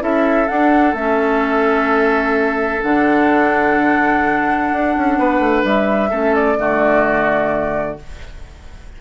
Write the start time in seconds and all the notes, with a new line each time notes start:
0.00 C#4 E4 A4 E5
0.48 D4 F#5
0.93 A3 C#4 E5
2.82 D3 D4 F#5
4.72 D4
4.97 C#4
5.19 B3 B4
5.40 A3
5.64 G3 E5
6.10 A3 C#4 A4
6.35 D5
6.57 D3 A3 F#4